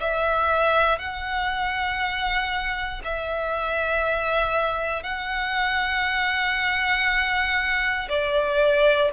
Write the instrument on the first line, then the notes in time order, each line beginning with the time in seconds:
violin
0.00 E5
0.98 F#5
3.04 E5
5.03 F#5
8.09 D5